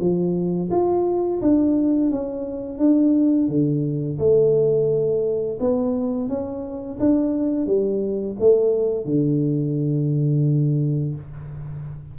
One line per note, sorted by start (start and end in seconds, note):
0.00 0.70 F3
0.71 1.41 F4
1.42 2.11 D4
2.11 2.79 C#4
2.79 3.49 D4
3.49 4.19 D3
4.19 5.58 A3
5.60 6.29 B3
6.29 6.99 C#4
7.00 7.67 D4
7.67 8.37 G3
8.40 9.06 A3
9.06 11.15 D3